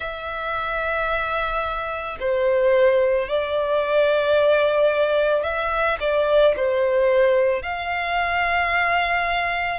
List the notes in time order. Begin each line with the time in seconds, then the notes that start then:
0.00 E5
2.20 C5
3.28 D5
5.43 E5
6.00 D5
6.56 C5
7.62 F5